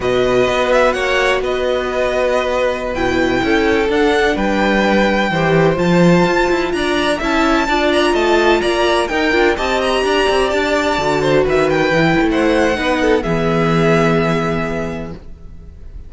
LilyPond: <<
  \new Staff \with { instrumentName = "violin" } { \time 4/4 \tempo 4 = 127 dis''4. e''8 fis''4 dis''4~ | dis''2~ dis''16 g''4.~ g''16~ | g''16 fis''4 g''2~ g''8.~ | g''16 a''2 ais''4 a''8.~ |
a''8. ais''8 a''4 ais''4 g''8.~ | g''16 a''8 ais''4. a''4.~ a''16~ | a''16 e''8 g''4~ g''16 fis''2 | e''1 | }
  \new Staff \with { instrumentName = "violin" } { \time 4/4 b'2 cis''4 b'4~ | b'2.~ b'16 a'8.~ | a'4~ a'16 b'2 c''8.~ | c''2~ c''16 d''4 e''8.~ |
e''16 d''4 dis''4 d''4 ais'8.~ | ais'16 dis''4 d''2~ d''8 c''16~ | c''16 b'4.~ b'16 c''4 b'8 a'8 | gis'1 | }
  \new Staff \with { instrumentName = "viola" } { \time 4/4 fis'1~ | fis'2~ fis'16 e'4.~ e'16~ | e'16 d'2. g'8.~ | g'16 f'2. e'8.~ |
e'16 f'2. dis'8 f'16~ | f'16 g'2. fis'8.~ | fis'4~ fis'16 e'4.~ e'16 dis'4 | b1 | }
  \new Staff \with { instrumentName = "cello" } { \time 4/4 b,4 b4 ais4 b4~ | b2~ b16 b,4 cis'8.~ | cis'16 d'4 g2 e8.~ | e16 f4 f'8 e'8 d'4 cis'8.~ |
cis'16 d'4 a4 ais4 dis'8 d'16~ | d'16 c'4 d'8 c'8 d'4 d8.~ | d16 dis4 e8 a4~ a16 b4 | e1 | }
>>